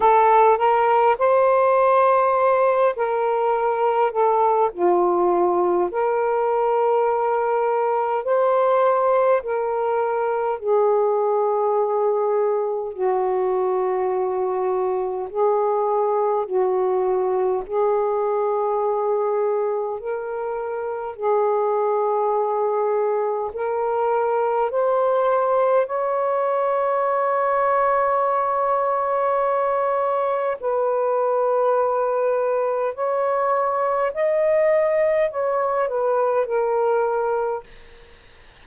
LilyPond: \new Staff \with { instrumentName = "saxophone" } { \time 4/4 \tempo 4 = 51 a'8 ais'8 c''4. ais'4 a'8 | f'4 ais'2 c''4 | ais'4 gis'2 fis'4~ | fis'4 gis'4 fis'4 gis'4~ |
gis'4 ais'4 gis'2 | ais'4 c''4 cis''2~ | cis''2 b'2 | cis''4 dis''4 cis''8 b'8 ais'4 | }